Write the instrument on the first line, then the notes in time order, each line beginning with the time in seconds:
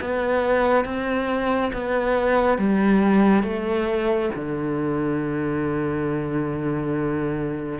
cello
0.00 B3
0.85 C4
1.72 B3
2.57 G3
3.43 A3
4.35 D3